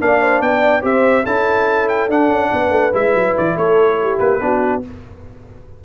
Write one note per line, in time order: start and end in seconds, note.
0.00 0.41 A#3
0.00 0.82 D4
0.00 0.22 D5
0.00 0.42 F5
0.22 0.42 C5
0.41 0.83 B3
0.41 0.82 D5
0.41 0.84 G5
0.82 1.25 C4
0.82 1.24 G4
0.82 1.24 C5
0.82 1.26 E5
1.24 2.08 C#4
1.24 2.10 E4
1.24 2.49 A4
1.24 1.88 A5
1.88 2.09 G5
2.08 2.29 D4
2.08 2.93 D4
2.08 2.95 F#5
2.29 2.50 C#4
2.53 2.71 B3
2.53 3.57 B4
2.71 2.92 A3
2.93 3.15 G#3
2.93 4.40 E4
2.93 3.37 E5
3.15 3.36 F#3
3.37 3.57 E3
3.37 3.58 D5
3.57 4.19 A3
3.57 3.99 A4
3.57 4.19 C#5
4.02 4.43 G4
4.19 4.41 A#3
4.19 4.82 B4
4.40 4.83 B3
4.40 4.82 D4
4.40 4.85 F#4